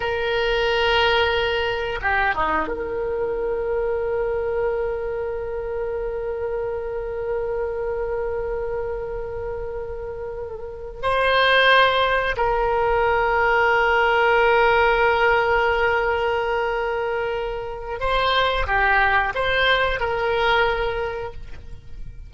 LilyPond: \new Staff \with { instrumentName = "oboe" } { \time 4/4 \tempo 4 = 90 ais'2. g'8 dis'8 | ais'1~ | ais'1~ | ais'1~ |
ais'8 c''2 ais'4.~ | ais'1~ | ais'2. c''4 | g'4 c''4 ais'2 | }